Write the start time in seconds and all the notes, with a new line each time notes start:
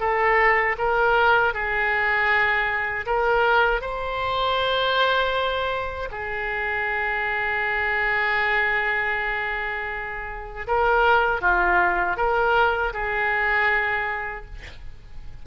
0.00 A4
0.78 A#4
1.54 G#4
3.06 A#4
3.81 C5
6.11 G#4
10.67 A#4
11.41 F4
12.17 A#4
12.93 G#4